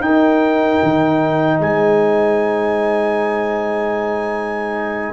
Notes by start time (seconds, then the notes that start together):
0.00 D#4 A#4 G5
0.83 D#3
1.59 G#3 C5 G#5